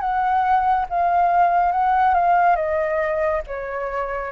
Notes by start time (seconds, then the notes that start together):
0.00 F#5
0.89 F5
1.72 F#5
2.14 F5
2.56 D#5
3.47 C#5